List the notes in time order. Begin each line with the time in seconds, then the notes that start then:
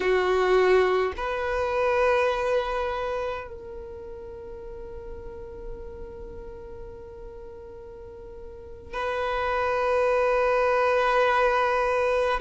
0.00 F#4
1.16 B4
3.47 A#4
8.93 B4